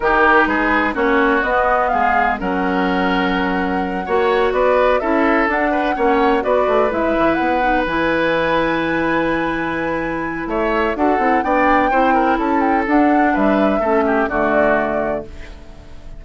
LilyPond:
<<
  \new Staff \with { instrumentName = "flute" } { \time 4/4 \tempo 4 = 126 ais'4 b'4 cis''4 dis''4 | f''4 fis''2.~ | fis''4. d''4 e''4 fis''8~ | fis''4. d''4 e''4 fis''8~ |
fis''8 gis''2.~ gis''8~ | gis''2 e''4 fis''4 | g''2 a''8 g''8 fis''4 | e''2 d''2 | }
  \new Staff \with { instrumentName = "oboe" } { \time 4/4 g'4 gis'4 fis'2 | gis'4 ais'2.~ | ais'8 cis''4 b'4 a'4. | b'8 cis''4 b'2~ b'8~ |
b'1~ | b'2 cis''4 a'4 | d''4 c''8 ais'8 a'2 | b'4 a'8 g'8 fis'2 | }
  \new Staff \with { instrumentName = "clarinet" } { \time 4/4 dis'2 cis'4 b4~ | b4 cis'2.~ | cis'8 fis'2 e'4 d'8~ | d'8 cis'4 fis'4 e'4. |
dis'8 e'2.~ e'8~ | e'2. fis'8 e'8 | d'4 e'2 d'4~ | d'4 cis'4 a2 | }
  \new Staff \with { instrumentName = "bassoon" } { \time 4/4 dis4 gis4 ais4 b4 | gis4 fis2.~ | fis8 ais4 b4 cis'4 d'8~ | d'8 ais4 b8 a8 gis8 e8 b8~ |
b8 e2.~ e8~ | e2 a4 d'8 c'8 | b4 c'4 cis'4 d'4 | g4 a4 d2 | }
>>